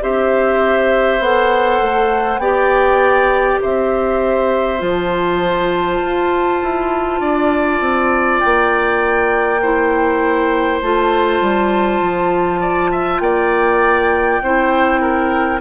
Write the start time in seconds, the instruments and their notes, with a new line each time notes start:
0.00 bassoon C4, clarinet G4, oboe C5, flute E5
1.19 bassoon B3, clarinet A4, flute F#5
1.81 bassoon A3
2.38 bassoon B3, clarinet G4, oboe D5, flute G5
3.61 bassoon C4, oboe C5, flute E5
4.78 bassoon F3, clarinet F4, flute A5
6.01 bassoon F4
6.62 bassoon E4
7.20 bassoon D4, oboe D5
7.80 bassoon C4
8.39 bassoon A#3, flute G5
9.62 clarinet E4, oboe C5
10.81 bassoon A3, clarinet F4, flute A5
11.40 bassoon G3
12.01 bassoon F3
12.60 oboe D5
12.91 oboe E5
13.19 bassoon A#3, oboe D5, flute G5
14.41 bassoon C4, clarinet E4, oboe C5
15.01 oboe A#4